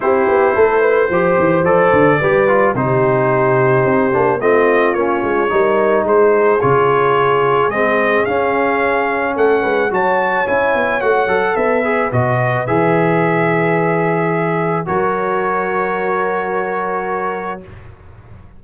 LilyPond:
<<
  \new Staff \with { instrumentName = "trumpet" } { \time 4/4 \tempo 4 = 109 c''2. d''4~ | d''4 c''2. | dis''4 cis''2 c''4 | cis''2 dis''4 f''4~ |
f''4 fis''4 a''4 gis''4 | fis''4 e''4 dis''4 e''4~ | e''2. cis''4~ | cis''1 | }
  \new Staff \with { instrumentName = "horn" } { \time 4/4 g'4 a'8 b'8 c''2 | b'4 g'2. | f'2 ais'4 gis'4~ | gis'1~ |
gis'4 a'8 b'8 cis''2~ | cis''4 b'2.~ | b'2. ais'4~ | ais'1 | }
  \new Staff \with { instrumentName = "trombone" } { \time 4/4 e'2 g'4 a'4 | g'8 f'8 dis'2~ dis'8 d'8 | c'4 cis'4 dis'2 | f'2 c'4 cis'4~ |
cis'2 fis'4 e'4 | fis'8 a'4 gis'8 fis'4 gis'4~ | gis'2. fis'4~ | fis'1 | }
  \new Staff \with { instrumentName = "tuba" } { \time 4/4 c'8 b8 a4 f8 e8 f8 d8 | g4 c2 c'8 ais8 | a4 ais8 gis8 g4 gis4 | cis2 gis4 cis'4~ |
cis'4 a8 gis8 fis4 cis'8 b8 | a8 fis8 b4 b,4 e4~ | e2. fis4~ | fis1 | }
>>